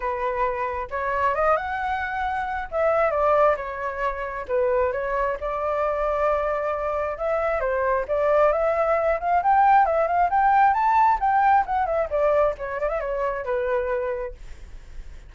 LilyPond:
\new Staff \with { instrumentName = "flute" } { \time 4/4 \tempo 4 = 134 b'2 cis''4 dis''8 fis''8~ | fis''2 e''4 d''4 | cis''2 b'4 cis''4 | d''1 |
e''4 c''4 d''4 e''4~ | e''8 f''8 g''4 e''8 f''8 g''4 | a''4 g''4 fis''8 e''8 d''4 | cis''8 d''16 e''16 cis''4 b'2 | }